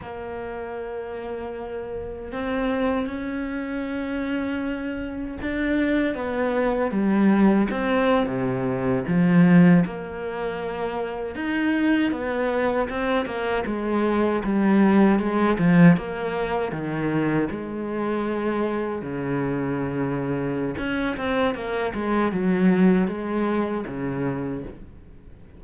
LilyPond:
\new Staff \with { instrumentName = "cello" } { \time 4/4 \tempo 4 = 78 ais2. c'4 | cis'2. d'4 | b4 g4 c'8. c4 f16~ | f8. ais2 dis'4 b16~ |
b8. c'8 ais8 gis4 g4 gis16~ | gis16 f8 ais4 dis4 gis4~ gis16~ | gis8. cis2~ cis16 cis'8 c'8 | ais8 gis8 fis4 gis4 cis4 | }